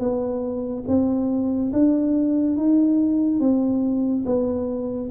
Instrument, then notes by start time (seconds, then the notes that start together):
tuba
0.00 B3
0.88 C4
1.73 D4
2.57 D#4
3.40 C4
4.26 B3